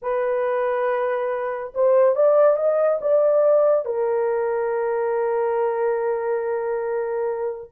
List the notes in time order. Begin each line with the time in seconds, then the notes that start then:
0.02 B4
1.74 C5
2.15 D5
2.56 D#5
3.01 D5
3.85 A#4